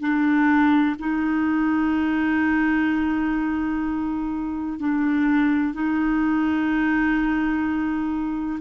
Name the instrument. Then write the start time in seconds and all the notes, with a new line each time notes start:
clarinet
0.00 D4
0.99 D#4
4.79 D4
5.74 D#4